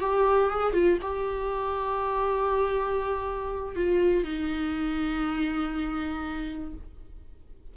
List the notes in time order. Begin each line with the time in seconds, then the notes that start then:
0.00 G4
0.50 G#4
0.73 F4
1.02 G4
3.76 F4
4.24 D#4